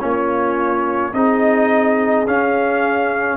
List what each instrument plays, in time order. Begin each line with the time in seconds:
0.00 tuba A#3, trombone C#4, horn F4, trumpet C#5
1.13 tuba C4, trombone D#4, horn G#4, trumpet D#5
2.27 trombone C#4, tuba C#4, trumpet F5